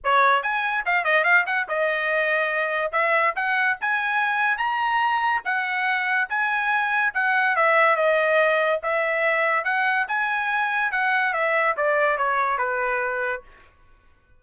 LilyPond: \new Staff \with { instrumentName = "trumpet" } { \time 4/4 \tempo 4 = 143 cis''4 gis''4 f''8 dis''8 f''8 fis''8 | dis''2. e''4 | fis''4 gis''2 ais''4~ | ais''4 fis''2 gis''4~ |
gis''4 fis''4 e''4 dis''4~ | dis''4 e''2 fis''4 | gis''2 fis''4 e''4 | d''4 cis''4 b'2 | }